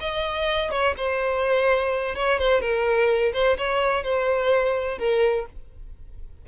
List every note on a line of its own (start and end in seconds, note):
0.00 0.71 D#5
0.71 0.95 C#5
0.97 2.15 C5
2.15 2.39 C#5
2.39 2.61 C5
2.61 3.32 A#4
3.33 3.57 C5
3.58 4.03 C#5
4.03 4.98 C5
4.98 5.46 A#4